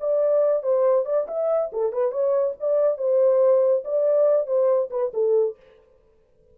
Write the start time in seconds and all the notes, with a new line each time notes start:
0.00 D5
0.63 C5
1.05 D5
1.28 E5
1.72 A4
1.92 B4
2.12 C#5
2.60 D5
2.98 C5
3.84 D5
4.46 C5
4.91 B4
5.14 A4